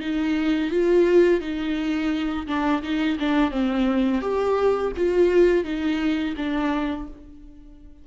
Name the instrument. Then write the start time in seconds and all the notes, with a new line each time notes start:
viola
0.00 D#4
0.70 F4
1.41 D#4
2.47 D4
2.82 D#4
3.19 D4
3.51 C4
4.21 G4
4.96 F4
5.64 D#4
6.36 D4